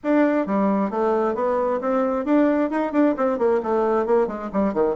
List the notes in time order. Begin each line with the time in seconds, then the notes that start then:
0.03 D4
0.46 G3
0.90 A3
1.35 B3
1.80 C4
2.25 D4
2.70 D#4
2.92 D4
3.17 C4
3.38 A#3
3.63 A3
4.06 A#3
4.27 G#3
4.52 G3
4.73 D#3